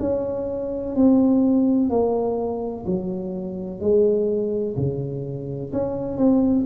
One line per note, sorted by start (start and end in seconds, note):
0.00 0.95 C#4
0.95 1.90 C4
1.90 2.85 A#3
2.86 3.80 F#3
3.80 4.75 G#3
4.77 5.72 C#3
5.73 6.17 C#4
6.17 6.65 C4